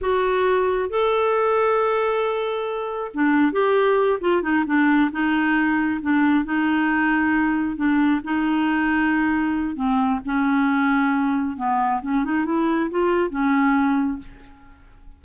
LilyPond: \new Staff \with { instrumentName = "clarinet" } { \time 4/4 \tempo 4 = 135 fis'2 a'2~ | a'2. d'4 | g'4. f'8 dis'8 d'4 dis'8~ | dis'4. d'4 dis'4.~ |
dis'4. d'4 dis'4.~ | dis'2 c'4 cis'4~ | cis'2 b4 cis'8 dis'8 | e'4 f'4 cis'2 | }